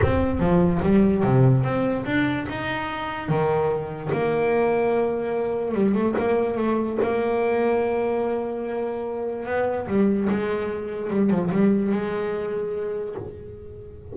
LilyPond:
\new Staff \with { instrumentName = "double bass" } { \time 4/4 \tempo 4 = 146 c'4 f4 g4 c4 | c'4 d'4 dis'2 | dis2 ais2~ | ais2 g8 a8 ais4 |
a4 ais2.~ | ais2. b4 | g4 gis2 g8 f8 | g4 gis2. | }